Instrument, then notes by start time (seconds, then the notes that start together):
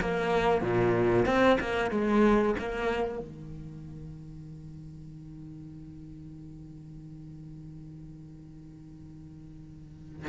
cello
0.00 A#3
0.61 A#2
1.26 C4
1.60 A#3
1.90 G#3
2.59 A#3
3.18 D#3